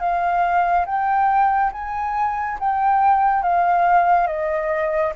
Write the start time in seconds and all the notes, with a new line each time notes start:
0.00 F5
0.86 G5
1.73 G#5
2.60 G5
3.43 F5
4.27 D#5